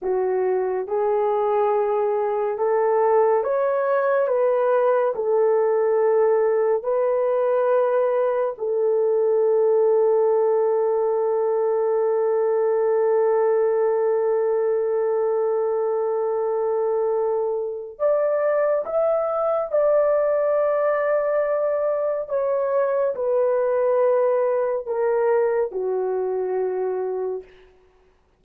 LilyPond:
\new Staff \with { instrumentName = "horn" } { \time 4/4 \tempo 4 = 70 fis'4 gis'2 a'4 | cis''4 b'4 a'2 | b'2 a'2~ | a'1~ |
a'1~ | a'4 d''4 e''4 d''4~ | d''2 cis''4 b'4~ | b'4 ais'4 fis'2 | }